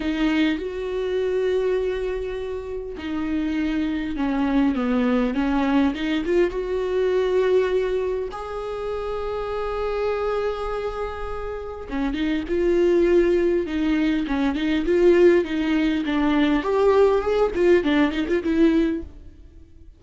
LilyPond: \new Staff \with { instrumentName = "viola" } { \time 4/4 \tempo 4 = 101 dis'4 fis'2.~ | fis'4 dis'2 cis'4 | b4 cis'4 dis'8 f'8 fis'4~ | fis'2 gis'2~ |
gis'1 | cis'8 dis'8 f'2 dis'4 | cis'8 dis'8 f'4 dis'4 d'4 | g'4 gis'8 f'8 d'8 dis'16 f'16 e'4 | }